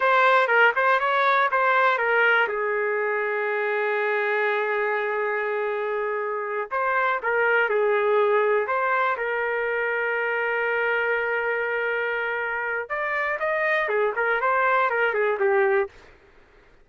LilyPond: \new Staff \with { instrumentName = "trumpet" } { \time 4/4 \tempo 4 = 121 c''4 ais'8 c''8 cis''4 c''4 | ais'4 gis'2.~ | gis'1~ | gis'4. c''4 ais'4 gis'8~ |
gis'4. c''4 ais'4.~ | ais'1~ | ais'2 d''4 dis''4 | gis'8 ais'8 c''4 ais'8 gis'8 g'4 | }